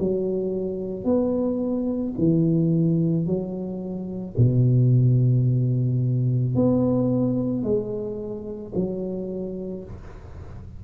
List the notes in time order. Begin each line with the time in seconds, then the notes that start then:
0.00 F#3
1.05 B3
2.19 E3
3.27 F#3
4.38 B2
6.56 B3
7.64 G#3
8.75 F#3